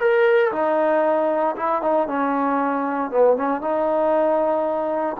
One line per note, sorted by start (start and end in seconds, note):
0.00 0.52 A#4
0.52 1.55 D#4
1.56 1.82 E4
1.82 2.08 D#4
2.08 3.11 C#4
3.11 3.37 B3
3.37 3.61 C#4
3.61 5.17 D#4